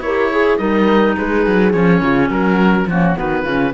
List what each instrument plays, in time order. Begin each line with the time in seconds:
0.00 cello E4, clarinet G4, horn A#4, oboe C#5
0.31 horn G#4, clarinet G#4
0.57 cello G3, clarinet D#4, horn A#4, oboe D#5
1.17 cello G#3, horn G#4, oboe B4
1.46 cello F#3
1.72 cello F3, clarinet C#4, oboe C#5
2.00 cello C#3, horn F4
2.28 cello F#3, horn F#4, oboe A#4
2.86 cello F3, clarinet A#3, horn C#4, oboe F#4
3.14 cello D#3, clarinet B3, horn F#4, oboe B4
3.42 cello C#3, clarinet C#4, horn F4